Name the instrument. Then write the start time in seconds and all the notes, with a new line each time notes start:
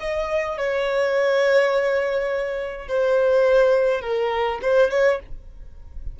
violin
0.00 D#5
0.57 C#5
2.88 C5
4.01 A#4
4.62 C5
4.90 C#5